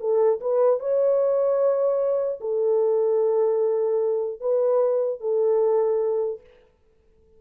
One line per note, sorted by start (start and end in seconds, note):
0.00 0.40 A4
0.40 0.80 B4
0.80 2.40 C#5
2.41 4.41 A4
4.41 5.21 B4
5.21 6.41 A4